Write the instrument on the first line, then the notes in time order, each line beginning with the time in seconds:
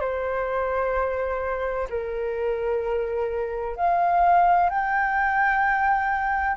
flute
0.00 C5
1.90 A#4
3.76 F5
4.70 G5